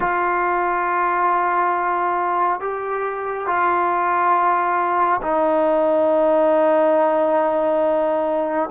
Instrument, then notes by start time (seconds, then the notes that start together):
trombone
0.00 F4
2.60 G4
3.46 F4
5.22 D#4